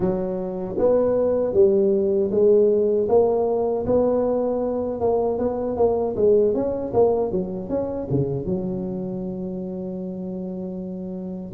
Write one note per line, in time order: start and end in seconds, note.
0.00 0.76 F#3
0.78 1.53 B3
1.53 2.30 G3
2.31 3.08 G#3
3.08 3.85 A#3
3.85 5.00 B3
5.00 5.38 A#3
5.38 5.77 B3
5.77 6.15 A#3
6.16 6.54 G#3
6.54 6.92 C#4
6.93 7.31 A#3
7.31 7.69 F#3
7.69 8.07 C#4
8.10 8.45 C#3
8.45 11.53 F#3